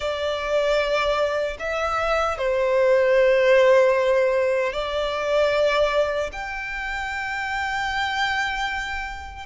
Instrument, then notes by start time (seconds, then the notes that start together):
violin
0.00 D5
1.59 E5
2.38 C5
4.72 D5
6.32 G5